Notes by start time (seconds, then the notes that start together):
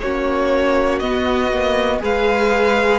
0.00 A#3 C#4 F#4 C#5
0.99 B3 D#5
1.53 A#3
1.99 G#3 G#4 B4 F5